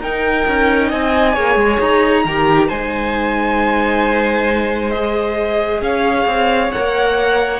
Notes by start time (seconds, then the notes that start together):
0.00 D#4 A#4 G5
0.47 C#4
0.89 C4 D#5 G#5
1.34 A#3 G#4 C#5
1.56 G#3
1.80 D#4 A#5
2.25 D#3 G4 A#4
2.68 G#3 D#4 C5 G#5
4.91 G#4 D#5
5.81 C#4 C#5 F5
6.27 C4
6.71 A#3 A#4 F#5